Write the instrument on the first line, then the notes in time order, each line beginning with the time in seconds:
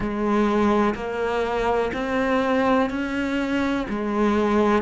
cello
0.00 G#3
0.95 A#3
1.93 C4
2.89 C#4
3.89 G#3